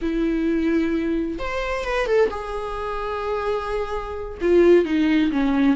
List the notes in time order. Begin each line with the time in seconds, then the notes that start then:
0.01 E4
1.38 C5
1.84 B4
2.06 A4
2.30 G#4
4.41 F4
4.85 D#4
5.31 C#4